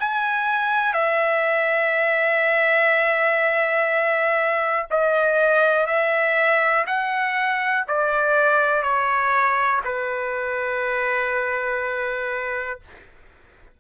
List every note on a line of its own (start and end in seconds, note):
0.00 0.94 G#5
0.94 4.87 E5
4.91 5.87 D#5
5.87 6.85 E5
6.87 7.86 F#5
7.88 8.83 D5
8.83 9.81 C#5
9.85 12.80 B4